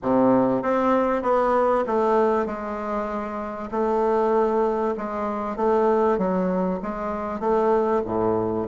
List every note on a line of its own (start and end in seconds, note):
0.02 0.62 C3
0.62 1.22 C4
1.22 1.84 B3
1.86 2.46 A3
2.46 3.69 G#3
3.71 4.94 A3
4.97 5.56 G#3
5.56 6.17 A3
6.17 6.79 F#3
6.82 7.39 G#3
7.39 8.01 A3
8.05 8.67 A2